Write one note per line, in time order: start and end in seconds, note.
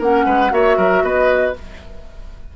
0.00 0.26 A#3
0.00 0.50 C#4
0.00 0.26 A#4
0.00 0.53 F#5
0.26 0.52 G#3
0.26 0.52 B4
0.50 0.78 A#3
0.50 1.54 F#4
0.50 0.78 C#5
0.50 1.05 E5
0.78 1.03 F#3
0.78 1.03 A#4
1.03 1.55 B3
1.03 1.56 B4
1.03 1.57 D#5